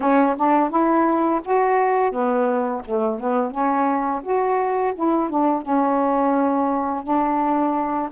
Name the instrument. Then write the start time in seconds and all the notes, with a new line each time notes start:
saxophone
0.00 C#4
0.37 D4
0.70 E4
1.44 F#4
2.11 B3
2.85 A3
3.19 B3
3.51 C#4
4.23 F#4
4.94 E4
5.29 D4
5.61 C#4
7.03 D4